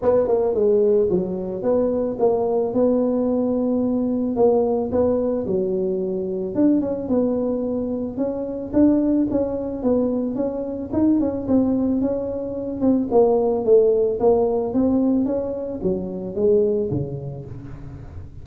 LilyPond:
\new Staff \with { instrumentName = "tuba" } { \time 4/4 \tempo 4 = 110 b8 ais8 gis4 fis4 b4 | ais4 b2. | ais4 b4 fis2 | d'8 cis'8 b2 cis'4 |
d'4 cis'4 b4 cis'4 | dis'8 cis'8 c'4 cis'4. c'8 | ais4 a4 ais4 c'4 | cis'4 fis4 gis4 cis4 | }